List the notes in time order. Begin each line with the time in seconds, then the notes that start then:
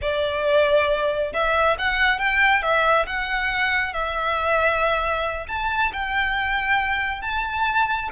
0.01 D5
1.33 E5
1.78 F#5
2.18 G5
2.62 E5
3.06 F#5
3.93 E5
5.48 A5
5.92 G5
7.21 A5